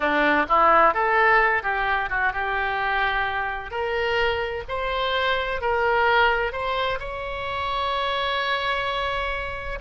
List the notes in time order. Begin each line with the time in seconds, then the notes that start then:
0.00 D4
0.48 E4
0.94 A4
1.63 G4
2.09 F#4
2.32 G4
3.70 A#4
4.68 C5
5.61 A#4
6.52 C5
6.99 C#5